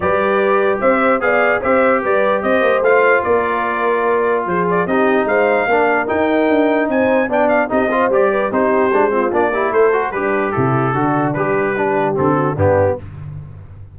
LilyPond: <<
  \new Staff \with { instrumentName = "trumpet" } { \time 4/4 \tempo 4 = 148 d''2 e''4 f''4 | e''4 d''4 dis''4 f''4 | d''2. c''8 d''8 | dis''4 f''2 g''4~ |
g''4 gis''4 g''8 f''8 dis''4 | d''4 c''2 d''4 | c''4 b'4 a'2 | b'2 a'4 g'4 | }
  \new Staff \with { instrumentName = "horn" } { \time 4/4 b'2 c''4 d''4 | c''4 b'4 c''2 | ais'2. gis'4 | g'4 c''4 ais'2~ |
ais'4 c''4 d''4 g'8 c''8~ | c''8 b'8 g'4. f'4 g'8 | a'4 d'4 e'4 d'4~ | d'4 g'4. fis'8 d'4 | }
  \new Staff \with { instrumentName = "trombone" } { \time 4/4 g'2. gis'4 | g'2. f'4~ | f'1 | dis'2 d'4 dis'4~ |
dis'2 d'4 dis'8 f'8 | g'4 dis'4 d'8 c'8 d'8 e'8~ | e'8 fis'8 g'2 fis'4 | g'4 d'4 c'4 b4 | }
  \new Staff \with { instrumentName = "tuba" } { \time 4/4 g2 c'4 b4 | c'4 g4 c'8 ais8 a4 | ais2. f4 | c'4 gis4 ais4 dis'4 |
d'4 c'4 b4 c'4 | g4 c'4 gis4 ais4 | a4 g4 c4 d4 | g2 d4 g,4 | }
>>